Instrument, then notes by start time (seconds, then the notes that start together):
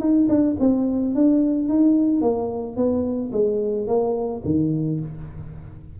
tuba
0.00 D#4
0.29 D4
0.60 C4
1.15 D4
1.69 D#4
2.21 A#3
2.76 B3
3.33 G#3
3.87 A#3
4.45 D#3